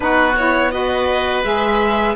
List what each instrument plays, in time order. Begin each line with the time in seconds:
0.00 cello B3, saxophone D#4, oboe F#4, violin B4
0.36 saxophone E4, violin C#5
0.71 saxophone F#4, oboe B4, violin D#5
1.43 cello G#3, saxophone G#4, violin E5